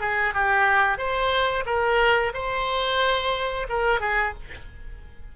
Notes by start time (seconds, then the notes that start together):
0.00 G#4
0.34 G4
0.98 C5
1.66 A#4
2.34 C5
3.69 A#4
4.00 G#4